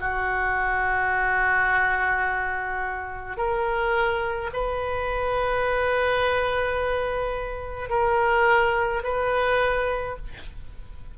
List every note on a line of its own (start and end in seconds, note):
0.00 3.37 F#4
3.37 4.50 A#4
4.53 7.89 B4
7.89 9.03 A#4
9.04 10.17 B4